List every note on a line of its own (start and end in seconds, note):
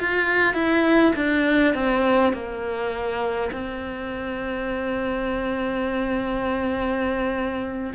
0.00 0.54 F4
0.54 1.13 E4
1.16 1.74 D4
1.74 2.33 C4
2.33 3.51 A#3
3.52 7.94 C4